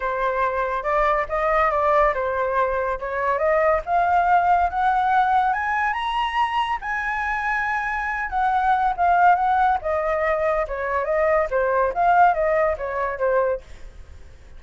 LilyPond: \new Staff \with { instrumentName = "flute" } { \time 4/4 \tempo 4 = 141 c''2 d''4 dis''4 | d''4 c''2 cis''4 | dis''4 f''2 fis''4~ | fis''4 gis''4 ais''2 |
gis''2.~ gis''8 fis''8~ | fis''4 f''4 fis''4 dis''4~ | dis''4 cis''4 dis''4 c''4 | f''4 dis''4 cis''4 c''4 | }